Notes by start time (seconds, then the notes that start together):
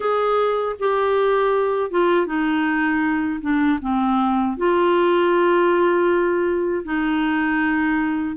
0.00 G#4
0.79 G4
1.91 F4
2.26 D#4
3.41 D4
3.81 C4
4.57 F4
6.84 D#4